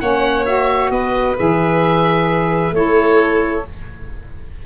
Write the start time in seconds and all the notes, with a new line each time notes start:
0.00 A#3 C#4 C#5 F#5
0.45 F#4 E5
0.90 B3 B4 D#5
1.37 E3 G#4 E5
2.71 A3 E4 A4 C#5